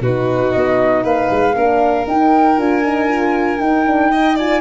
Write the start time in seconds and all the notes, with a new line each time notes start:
0.00 B2 D#4 F#4 B4
0.51 B3 D#5
1.03 A#3 B4 F5
1.31 G#3
1.55 A#3 D4 A#4
2.07 D#4 G5
2.57 D4 F4 G#5
2.84 D#4
3.07 F4
3.60 D#4 G5
3.86 D4
4.11 D#4 D#5
4.35 F4 D5 G#5